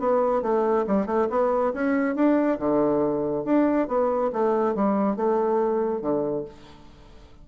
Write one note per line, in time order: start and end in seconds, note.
0.00 0.43 B3
0.43 0.86 A3
0.88 1.07 G3
1.07 1.28 A3
1.30 1.73 B3
1.74 2.16 C#4
2.16 2.59 D4
2.60 3.45 D3
3.45 3.88 D4
3.88 4.31 B3
4.33 4.75 A3
4.75 5.16 G3
5.16 6.02 A3
6.02 6.45 D3